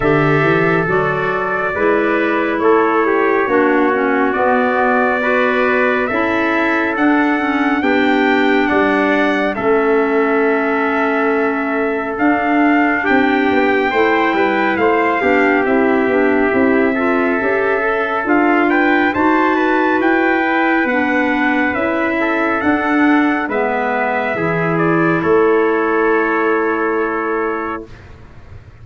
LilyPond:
<<
  \new Staff \with { instrumentName = "trumpet" } { \time 4/4 \tempo 4 = 69 e''4 d''2 cis''4~ | cis''4 d''2 e''4 | fis''4 g''4 fis''4 e''4~ | e''2 f''4 g''4~ |
g''4 f''4 e''2~ | e''4 f''8 g''8 a''4 g''4 | fis''4 e''4 fis''4 e''4~ | e''8 d''8 cis''2. | }
  \new Staff \with { instrumentName = "trumpet" } { \time 4/4 a'2 b'4 a'8 g'8 | fis'2 b'4 a'4~ | a'4 g'4 d''4 a'4~ | a'2. g'4 |
c''8 b'8 c''8 g'2 a'8~ | a'4. b'8 c''8 b'4.~ | b'4. a'4. b'4 | gis'4 a'2. | }
  \new Staff \with { instrumentName = "clarinet" } { \time 4/4 g'4 fis'4 e'2 | d'8 cis'8 b4 fis'4 e'4 | d'8 cis'8 d'2 cis'4~ | cis'2 d'2 |
e'4. d'8 e'8 d'8 e'8 f'8 | g'8 a'8 f'4 fis'4. e'8 | d'4 e'4 d'4 b4 | e'1 | }
  \new Staff \with { instrumentName = "tuba" } { \time 4/4 d8 e8 fis4 gis4 a4 | ais4 b2 cis'4 | d'4 b4 g4 a4~ | a2 d'4 c'8 b8 |
a8 g8 a8 b8 c'8 b8 c'4 | cis'4 d'4 dis'4 e'4 | b4 cis'4 d'4 gis4 | e4 a2. | }
>>